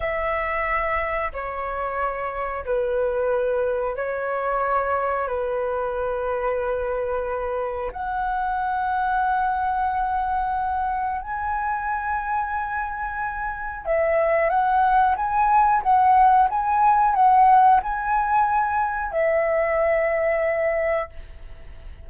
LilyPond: \new Staff \with { instrumentName = "flute" } { \time 4/4 \tempo 4 = 91 e''2 cis''2 | b'2 cis''2 | b'1 | fis''1~ |
fis''4 gis''2.~ | gis''4 e''4 fis''4 gis''4 | fis''4 gis''4 fis''4 gis''4~ | gis''4 e''2. | }